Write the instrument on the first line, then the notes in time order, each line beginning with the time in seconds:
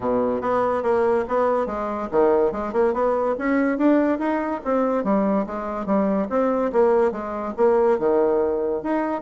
bassoon
0.00 B2
0.41 B3
0.82 A#3
1.28 B3
1.66 G#3
2.11 D#3
2.52 G#3
2.73 A#3
2.93 B3
3.38 C#4
3.78 D4
4.18 D#4
4.64 C4
5.04 G3
5.46 G#3
5.85 G3
6.29 C4
6.72 A#3
7.11 G#3
7.57 A#3
7.98 D#3
8.82 D#4